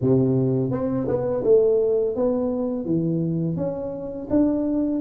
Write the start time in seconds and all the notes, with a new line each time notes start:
0.01 C3
0.71 C4
1.07 B3
1.44 A3
2.15 B3
2.85 E3
3.56 C#4
4.30 D4